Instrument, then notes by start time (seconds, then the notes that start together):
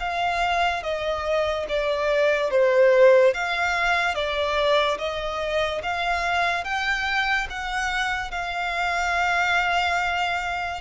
violin
0.00 F5
0.83 D#5
1.69 D5
2.51 C5
3.34 F5
4.15 D5
4.98 D#5
5.83 F5
6.64 G5
7.50 F#5
8.31 F5